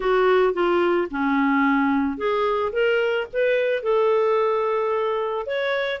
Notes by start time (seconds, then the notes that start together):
0.00 F#4
0.53 F4
1.10 C#4
2.17 G#4
2.72 A#4
3.32 B4
3.82 A4
5.46 C#5